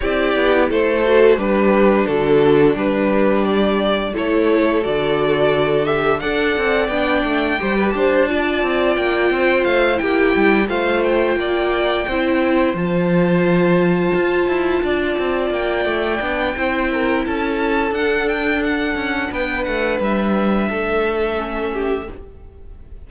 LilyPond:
<<
  \new Staff \with { instrumentName = "violin" } { \time 4/4 \tempo 4 = 87 d''4 c''4 b'4 a'4 | b'4 d''4 cis''4 d''4~ | d''8 e''8 fis''4 g''4. a''8~ | a''4 g''4 f''8 g''4 f''8 |
g''2~ g''8 a''4.~ | a''2~ a''8 g''4.~ | g''4 a''4 fis''8 g''8 fis''4 | g''8 fis''8 e''2. | }
  \new Staff \with { instrumentName = "violin" } { \time 4/4 g'4 a'4 d'2~ | d'2 a'2~ | a'4 d''2 c''16 b'16 c''8 | d''4. c''4 g'4 c''8~ |
c''8 d''4 c''2~ c''8~ | c''4. d''2~ d''8 | c''8 ais'8 a'2. | b'2 a'4. g'8 | }
  \new Staff \with { instrumentName = "viola" } { \time 4/4 e'4. fis'8 g'4 fis'4 | g'2 e'4 fis'4~ | fis'8 g'8 a'4 d'4 g'4 | f'2~ f'8 e'4 f'8~ |
f'4. e'4 f'4.~ | f'2.~ f'8 d'8 | e'2 d'2~ | d'2. cis'4 | }
  \new Staff \with { instrumentName = "cello" } { \time 4/4 c'8 b8 a4 g4 d4 | g2 a4 d4~ | d4 d'8 c'8 b8 a8 g8 d'8~ | d'8 c'8 ais8 c'8 a8 ais8 g8 a8~ |
a8 ais4 c'4 f4.~ | f8 f'8 e'8 d'8 c'8 ais8 a8 b8 | c'4 cis'4 d'4. cis'8 | b8 a8 g4 a2 | }
>>